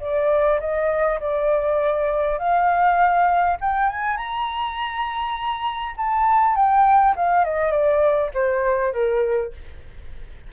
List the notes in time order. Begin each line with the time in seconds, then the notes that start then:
0.00 D5
0.60 D#5
1.20 D5
2.38 F5
3.61 G5
3.89 G#5
4.17 A#5
5.97 A5
6.55 G5
7.16 F5
7.44 D#5
7.71 D5
8.34 C5
8.93 A#4